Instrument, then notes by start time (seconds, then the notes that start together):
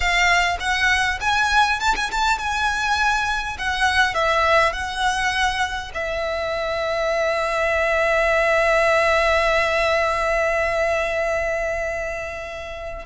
violin
0.00 F5
0.59 F#5
1.20 G#5
1.80 A5
1.95 G#5
2.11 A5
2.38 G#5
3.58 F#5
4.14 E5
4.72 F#5
5.94 E5